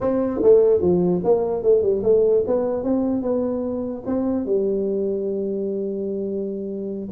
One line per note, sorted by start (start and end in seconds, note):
0.00 0.41 C4
0.43 0.81 A3
0.81 1.22 F3
1.23 1.63 A#3
1.63 1.82 A3
1.82 2.02 G3
2.03 2.43 A3
2.47 2.83 B3
2.83 3.22 C4
3.22 4.03 B3
4.05 4.45 C4
4.45 7.09 G3